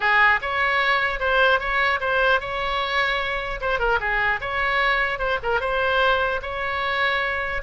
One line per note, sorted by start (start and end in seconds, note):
0.00 0.39 G#4
0.41 1.19 C#5
1.19 1.59 C5
1.59 1.99 C#5
2.00 2.40 C5
2.40 3.60 C#5
3.61 3.79 C5
3.79 3.99 A#4
4.00 4.40 G#4
4.40 5.19 C#5
5.19 5.39 C5
5.42 5.60 A#4
5.60 6.40 C5
6.42 7.62 C#5